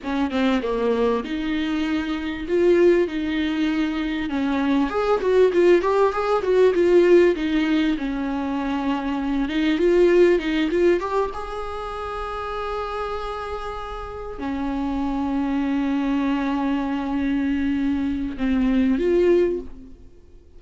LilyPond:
\new Staff \with { instrumentName = "viola" } { \time 4/4 \tempo 4 = 98 cis'8 c'8 ais4 dis'2 | f'4 dis'2 cis'4 | gis'8 fis'8 f'8 g'8 gis'8 fis'8 f'4 | dis'4 cis'2~ cis'8 dis'8 |
f'4 dis'8 f'8 g'8 gis'4.~ | gis'2.~ gis'8 cis'8~ | cis'1~ | cis'2 c'4 f'4 | }